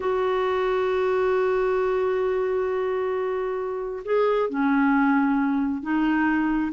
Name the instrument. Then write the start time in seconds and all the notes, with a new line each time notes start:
clarinet
0.00 F#4
4.04 G#4
4.49 C#4
5.82 D#4